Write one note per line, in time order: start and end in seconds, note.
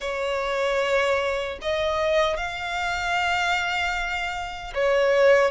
0.00 1.58 C#5
1.61 2.36 D#5
2.36 4.73 F5
4.74 5.51 C#5